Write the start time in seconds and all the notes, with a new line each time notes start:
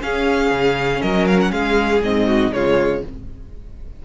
0.00 C#4 G#4 F5
0.51 C#3
1.01 F#3 A#4 D#5
1.27 F5
1.40 F#5
1.51 G#3 G#4 F5
2.02 G#2 C4 D#5
2.27 F#4
2.53 C#3 G#3 F4 C#5